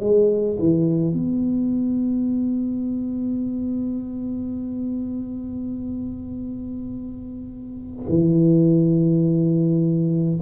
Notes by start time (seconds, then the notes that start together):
0.00 G#3
0.59 E3
1.13 B3
8.09 E3